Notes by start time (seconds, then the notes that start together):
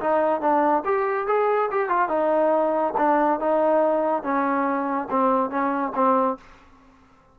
0.00 D#4
0.41 D4
0.85 G4
1.27 G#4
1.71 G4
1.89 F4
2.09 D#4
2.97 D4
3.40 D#4
4.23 C#4
5.10 C4
5.50 C#4
5.95 C4